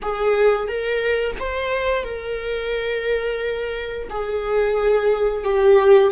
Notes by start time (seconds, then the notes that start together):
0.02 G#4
0.68 A#4
1.39 C5
2.03 A#4
4.10 G#4
5.44 G4